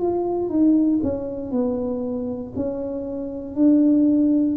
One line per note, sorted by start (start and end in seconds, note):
0.00 0.49 F4
0.49 1.00 D#4
1.03 1.51 C#4
1.51 2.53 B3
2.56 3.55 C#4
3.55 4.57 D4